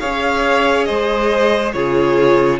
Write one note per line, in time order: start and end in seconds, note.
0.00 0.89 C#4
0.00 1.74 G#4
0.00 0.87 C#5
0.00 0.85 F5
0.85 1.74 G#3
0.85 1.74 C5
0.85 1.72 D#5
1.73 2.60 C#3
1.73 2.60 F4
1.73 2.60 G#4
1.73 2.60 C#5